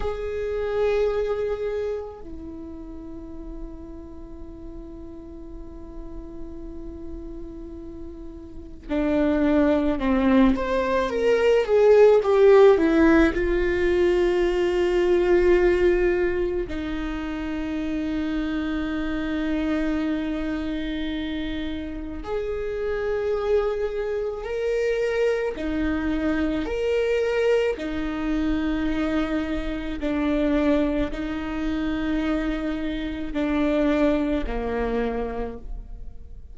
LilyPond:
\new Staff \with { instrumentName = "viola" } { \time 4/4 \tempo 4 = 54 gis'2 e'2~ | e'1 | d'4 c'8 c''8 ais'8 gis'8 g'8 e'8 | f'2. dis'4~ |
dis'1 | gis'2 ais'4 dis'4 | ais'4 dis'2 d'4 | dis'2 d'4 ais4 | }